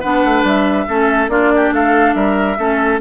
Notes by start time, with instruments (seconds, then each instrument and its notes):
0.00 bassoon B3, clarinet D4, oboe B4, flute F#5
0.25 bassoon A3
0.43 bassoon G3, flute E5
0.88 bassoon A3, clarinet C#4, oboe A4
1.28 bassoon A#3, clarinet D4, oboe F4, flute D5
1.55 oboe G4
1.71 bassoon A3, oboe A4, flute F5
2.14 bassoon G3, oboe A#4, flute E5
2.58 bassoon A3, clarinet C#4, oboe A4